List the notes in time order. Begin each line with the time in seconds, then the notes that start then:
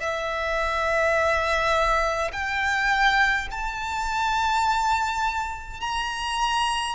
0.00 E5
2.32 G5
3.51 A5
5.81 A#5